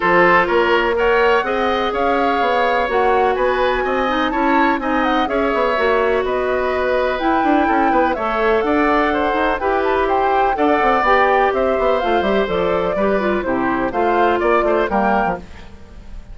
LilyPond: <<
  \new Staff \with { instrumentName = "flute" } { \time 4/4 \tempo 4 = 125 c''4 cis''4 fis''2 | f''2 fis''4 gis''4~ | gis''4 a''4 gis''8 fis''8 e''4~ | e''4 dis''2 g''4~ |
g''4 e''4 fis''2 | g''8 a''16 b''16 g''4 fis''4 g''4 | e''4 f''8 e''8 d''2 | c''4 f''4 d''4 g''4 | }
  \new Staff \with { instrumentName = "oboe" } { \time 4/4 a'4 ais'4 cis''4 dis''4 | cis''2. b'4 | dis''4 cis''4 dis''4 cis''4~ | cis''4 b'2. |
a'8 b'8 cis''4 d''4 c''4 | b'4 c''4 d''2 | c''2. b'4 | g'4 c''4 d''8 c''8 ais'4 | }
  \new Staff \with { instrumentName = "clarinet" } { \time 4/4 f'2 ais'4 gis'4~ | gis'2 fis'2~ | fis'8 dis'8 e'4 dis'4 gis'4 | fis'2. e'4~ |
e'4 a'2. | g'2 a'4 g'4~ | g'4 f'8 g'8 a'4 g'8 f'8 | e'4 f'2 ais4 | }
  \new Staff \with { instrumentName = "bassoon" } { \time 4/4 f4 ais2 c'4 | cis'4 b4 ais4 b4 | c'4 cis'4 c'4 cis'8 b8 | ais4 b2 e'8 d'8 |
cis'8 b8 a4 d'4. dis'8 | e'2 d'8 c'8 b4 | c'8 b8 a8 g8 f4 g4 | c4 a4 ais8 a8 g8. f16 | }
>>